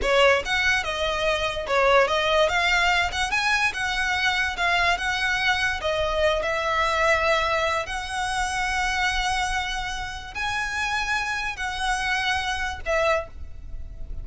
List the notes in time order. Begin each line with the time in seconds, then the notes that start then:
0.02 C#5
0.45 F#5
0.83 D#5
1.67 C#5
2.07 D#5
2.48 F5
3.11 F#5
3.30 G#5
3.73 F#5
4.56 F5
4.97 F#5
5.81 D#5
6.42 E5
7.85 F#5
10.34 G#5
11.56 F#5
12.85 E5